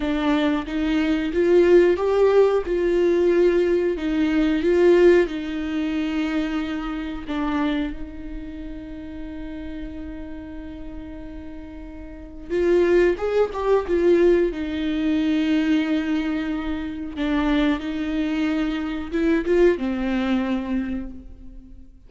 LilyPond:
\new Staff \with { instrumentName = "viola" } { \time 4/4 \tempo 4 = 91 d'4 dis'4 f'4 g'4 | f'2 dis'4 f'4 | dis'2. d'4 | dis'1~ |
dis'2. f'4 | gis'8 g'8 f'4 dis'2~ | dis'2 d'4 dis'4~ | dis'4 e'8 f'8 c'2 | }